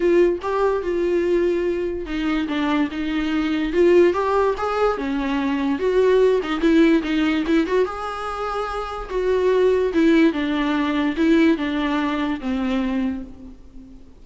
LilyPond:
\new Staff \with { instrumentName = "viola" } { \time 4/4 \tempo 4 = 145 f'4 g'4 f'2~ | f'4 dis'4 d'4 dis'4~ | dis'4 f'4 g'4 gis'4 | cis'2 fis'4. dis'8 |
e'4 dis'4 e'8 fis'8 gis'4~ | gis'2 fis'2 | e'4 d'2 e'4 | d'2 c'2 | }